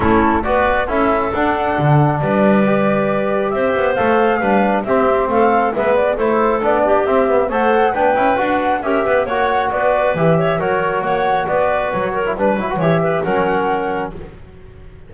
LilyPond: <<
  \new Staff \with { instrumentName = "flute" } { \time 4/4 \tempo 4 = 136 a'4 d''4 e''4 fis''4~ | fis''4 d''2. | e''4 f''2 e''4 | f''4 e''8 d''8 c''4 d''4 |
e''4 fis''4 g''4 fis''4 | e''4 fis''4 d''4 e''4 | cis''4 fis''4 d''4 cis''4 | b'4 e''4 fis''2 | }
  \new Staff \with { instrumentName = "clarinet" } { \time 4/4 e'4 b'4 a'2~ | a'4 b'2. | c''2 b'4 g'4 | a'4 b'4 a'4. g'8~ |
g'4 c''4 b'2 | ais'8 b'8 cis''4 b'4. cis''8 | ais'4 cis''4 b'4. ais'8 | b'4 cis''8 b'8 ais'2 | }
  \new Staff \with { instrumentName = "trombone" } { \time 4/4 cis'4 fis'4 e'4 d'4~ | d'2 g'2~ | g'4 a'4 d'4 c'4~ | c'4 b4 e'4 d'4 |
c'8 b8 a'4 d'8 e'8 fis'4 | g'4 fis'2 g'4 | fis'2.~ fis'8. e'16 | d'8 e'16 fis'16 g'4 cis'2 | }
  \new Staff \with { instrumentName = "double bass" } { \time 4/4 a4 b4 cis'4 d'4 | d4 g2. | c'8 b8 a4 g4 c'4 | a4 gis4 a4 b4 |
c'4 a4 b8 cis'8 d'4 | cis'8 b8 ais4 b4 e4 | fis4 ais4 b4 fis4 | g8 fis8 e4 fis2 | }
>>